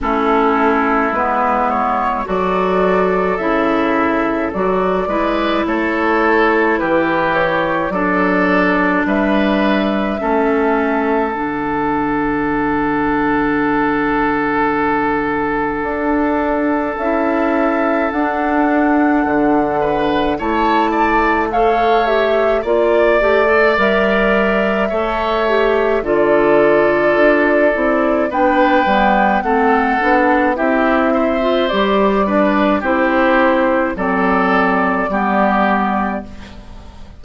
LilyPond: <<
  \new Staff \with { instrumentName = "flute" } { \time 4/4 \tempo 4 = 53 a'4 b'8 cis''8 d''4 e''4 | d''4 cis''4 b'8 cis''8 d''4 | e''2 fis''2~ | fis''2. e''4 |
fis''2 a''4 f''8 e''8 | d''4 e''2 d''4~ | d''4 g''4 fis''4 e''4 | d''4 c''4 d''2 | }
  \new Staff \with { instrumentName = "oboe" } { \time 4/4 e'2 a'2~ | a'8 b'8 a'4 g'4 a'4 | b'4 a'2.~ | a'1~ |
a'4. b'8 cis''8 d''8 cis''4 | d''2 cis''4 a'4~ | a'4 b'4 a'4 g'8 c''8~ | c''8 b'8 g'4 a'4 g'4 | }
  \new Staff \with { instrumentName = "clarinet" } { \time 4/4 cis'4 b4 fis'4 e'4 | fis'8 e'2~ e'8 d'4~ | d'4 cis'4 d'2~ | d'2. e'4 |
d'2 e'4 a'8 g'8 | f'8 g'16 a'16 ais'4 a'8 g'8 f'4~ | f'8 e'8 d'8 b8 c'8 d'8 e'8. f'16 | g'8 d'8 e'4 c'4 b4 | }
  \new Staff \with { instrumentName = "bassoon" } { \time 4/4 a4 gis4 fis4 cis4 | fis8 gis8 a4 e4 fis4 | g4 a4 d2~ | d2 d'4 cis'4 |
d'4 d4 a2 | ais8 a8 g4 a4 d4 | d'8 c'8 b8 g8 a8 b8 c'4 | g4 c'4 fis4 g4 | }
>>